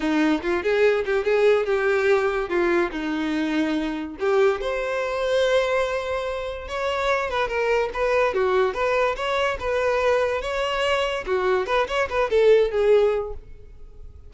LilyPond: \new Staff \with { instrumentName = "violin" } { \time 4/4 \tempo 4 = 144 dis'4 f'8 gis'4 g'8 gis'4 | g'2 f'4 dis'4~ | dis'2 g'4 c''4~ | c''1 |
cis''4. b'8 ais'4 b'4 | fis'4 b'4 cis''4 b'4~ | b'4 cis''2 fis'4 | b'8 cis''8 b'8 a'4 gis'4. | }